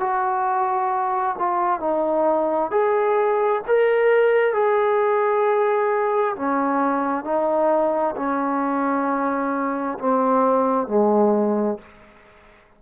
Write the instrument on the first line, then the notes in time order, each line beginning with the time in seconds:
trombone
0.00 F#4
1.39 F4
1.81 D#4
2.71 G#4
3.68 A#4
4.54 G#4
6.36 C#4
7.25 D#4
8.17 C#4
9.99 C4
10.88 G#3